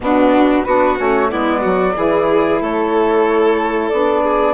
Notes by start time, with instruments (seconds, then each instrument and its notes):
0.00 bassoon B2, saxophone B3, violin D4, flute F#4
0.64 bassoon B3, saxophone D4, violin F#4, flute B4
0.97 bassoon A3, saxophone C#4, flute C#5
1.29 bassoon G#3, saxophone B3, violin E4, flute D5
1.60 bassoon F#3, violin F#4
1.95 bassoon E3, saxophone E4, violin G#4
2.60 bassoon A3, violin A4, flute C#5
3.89 bassoon B3, saxophone D4, flute D5
4.22 violin G#4